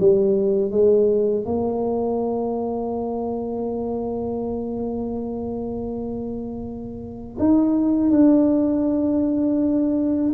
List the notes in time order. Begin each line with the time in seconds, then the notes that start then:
0.00 G3
0.71 G#3
1.45 A#3
7.39 D#4
8.11 D4